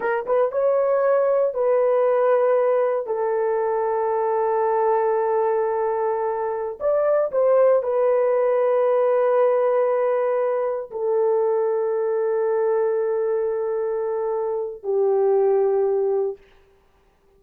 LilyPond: \new Staff \with { instrumentName = "horn" } { \time 4/4 \tempo 4 = 117 ais'8 b'8 cis''2 b'4~ | b'2 a'2~ | a'1~ | a'4~ a'16 d''4 c''4 b'8.~ |
b'1~ | b'4~ b'16 a'2~ a'8.~ | a'1~ | a'4 g'2. | }